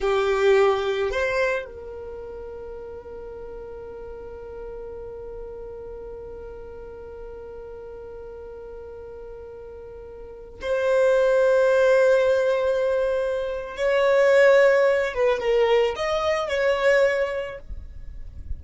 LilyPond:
\new Staff \with { instrumentName = "violin" } { \time 4/4 \tempo 4 = 109 g'2 c''4 ais'4~ | ais'1~ | ais'1~ | ais'1~ |
ais'2.~ ais'16 c''8.~ | c''1~ | c''4 cis''2~ cis''8 b'8 | ais'4 dis''4 cis''2 | }